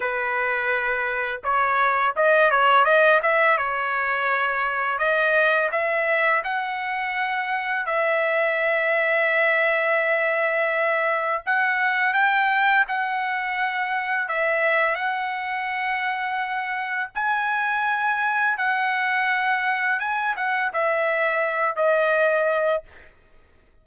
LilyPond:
\new Staff \with { instrumentName = "trumpet" } { \time 4/4 \tempo 4 = 84 b'2 cis''4 dis''8 cis''8 | dis''8 e''8 cis''2 dis''4 | e''4 fis''2 e''4~ | e''1 |
fis''4 g''4 fis''2 | e''4 fis''2. | gis''2 fis''2 | gis''8 fis''8 e''4. dis''4. | }